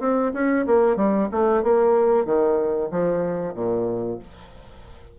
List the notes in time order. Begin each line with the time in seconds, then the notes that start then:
0.00 C4
0.34 C#4
0.67 A#3
0.97 G3
1.32 A3
1.63 A#3
2.26 D#3
2.91 F3
3.55 A#2